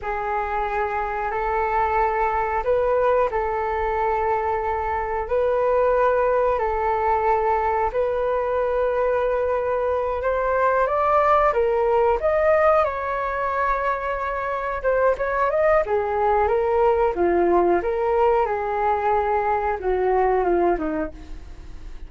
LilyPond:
\new Staff \with { instrumentName = "flute" } { \time 4/4 \tempo 4 = 91 gis'2 a'2 | b'4 a'2. | b'2 a'2 | b'2.~ b'8 c''8~ |
c''8 d''4 ais'4 dis''4 cis''8~ | cis''2~ cis''8 c''8 cis''8 dis''8 | gis'4 ais'4 f'4 ais'4 | gis'2 fis'4 f'8 dis'8 | }